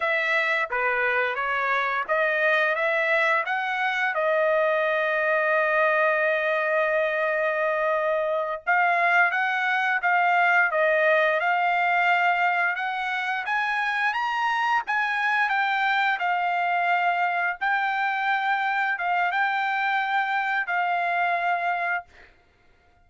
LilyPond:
\new Staff \with { instrumentName = "trumpet" } { \time 4/4 \tempo 4 = 87 e''4 b'4 cis''4 dis''4 | e''4 fis''4 dis''2~ | dis''1~ | dis''8 f''4 fis''4 f''4 dis''8~ |
dis''8 f''2 fis''4 gis''8~ | gis''8 ais''4 gis''4 g''4 f''8~ | f''4. g''2 f''8 | g''2 f''2 | }